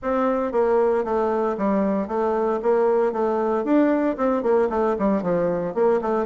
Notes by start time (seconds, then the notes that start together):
0.02 C4
0.52 A#3
1.04 A3
1.57 G3
2.07 A3
2.62 A#3
3.12 A3
3.64 D4
4.17 C4
4.42 A#3
4.69 A3
4.98 G3
5.22 F3
5.74 A#3
6.01 A3